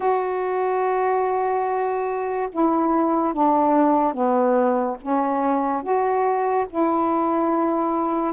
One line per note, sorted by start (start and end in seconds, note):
0.00 2.48 F#4
2.52 3.33 E4
3.33 4.13 D4
4.13 4.97 B3
5.01 5.82 C#4
5.82 6.66 F#4
6.69 8.33 E4